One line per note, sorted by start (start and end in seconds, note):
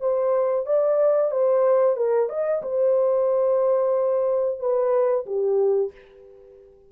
0.00 0.66 C5
0.66 1.31 D5
1.31 1.96 C5
1.96 2.29 A#4
2.29 2.62 D#5
2.62 4.60 C5
4.60 5.26 B4
5.26 5.92 G4